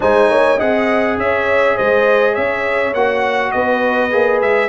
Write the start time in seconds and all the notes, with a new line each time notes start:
0.00 G#3 D#4 C5 G#5
0.29 A#3 C#5
0.56 C4 G#4 D#5 F#5
1.17 C#4 C#5 E5
1.76 G#3 C5 D#5
2.33 C#4 C#5 E5
2.94 A#3 F#4 F#5
3.51 B3 B4 D#5
4.10 A#3 G#4
4.41 G#3 E5